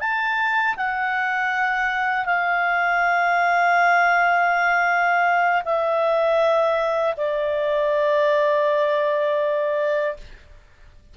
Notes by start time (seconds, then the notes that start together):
0.00 A5
0.76 F#5
2.25 F5
5.65 E5
7.17 D5